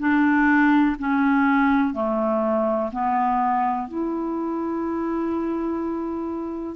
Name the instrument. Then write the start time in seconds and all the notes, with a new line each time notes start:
clarinet
0.00 D4
0.99 C#4
1.94 A3
2.93 B3
3.88 E4